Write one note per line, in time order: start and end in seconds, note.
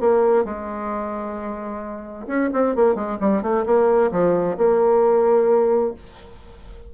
0.00 0.44 A#3
0.44 2.26 G#3
2.27 2.50 C#4
2.53 2.76 C4
2.76 2.95 A#3
2.95 3.18 G#3
3.20 3.42 G3
3.42 3.65 A3
3.66 4.11 A#3
4.11 4.57 F3
4.57 5.94 A#3